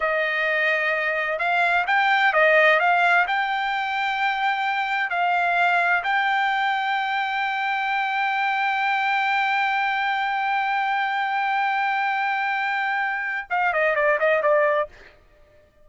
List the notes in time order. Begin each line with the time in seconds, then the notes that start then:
0.00 D#5
1.38 F5
1.86 G5
2.33 D#5
2.79 F5
3.27 G5
5.10 F5
6.03 G5
13.49 F5
13.73 D#5
13.95 D5
14.19 D#5
14.42 D5